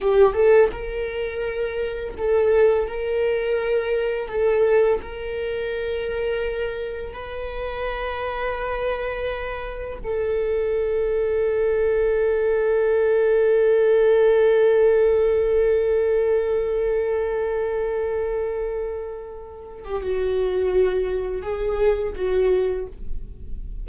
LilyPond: \new Staff \with { instrumentName = "viola" } { \time 4/4 \tempo 4 = 84 g'8 a'8 ais'2 a'4 | ais'2 a'4 ais'4~ | ais'2 b'2~ | b'2 a'2~ |
a'1~ | a'1~ | a'2.~ a'8. g'16 | fis'2 gis'4 fis'4 | }